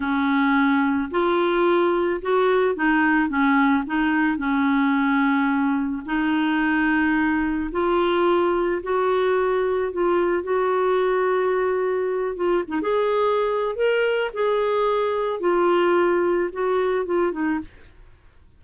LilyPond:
\new Staff \with { instrumentName = "clarinet" } { \time 4/4 \tempo 4 = 109 cis'2 f'2 | fis'4 dis'4 cis'4 dis'4 | cis'2. dis'4~ | dis'2 f'2 |
fis'2 f'4 fis'4~ | fis'2~ fis'8 f'8 dis'16 gis'8.~ | gis'4 ais'4 gis'2 | f'2 fis'4 f'8 dis'8 | }